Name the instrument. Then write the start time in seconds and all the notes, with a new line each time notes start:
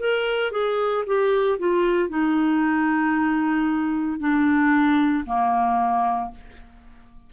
clarinet
0.00 A#4
0.52 G#4
1.07 G4
1.59 F4
2.09 D#4
4.20 D4
5.26 A#3